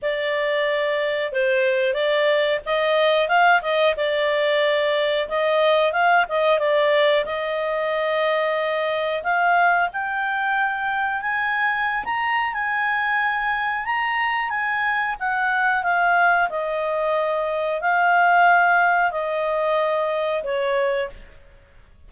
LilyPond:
\new Staff \with { instrumentName = "clarinet" } { \time 4/4 \tempo 4 = 91 d''2 c''4 d''4 | dis''4 f''8 dis''8 d''2 | dis''4 f''8 dis''8 d''4 dis''4~ | dis''2 f''4 g''4~ |
g''4 gis''4~ gis''16 ais''8. gis''4~ | gis''4 ais''4 gis''4 fis''4 | f''4 dis''2 f''4~ | f''4 dis''2 cis''4 | }